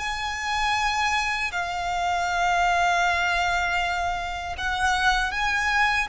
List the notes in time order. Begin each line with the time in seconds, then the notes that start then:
0.00 G#5
1.52 F5
4.58 F#5
5.32 G#5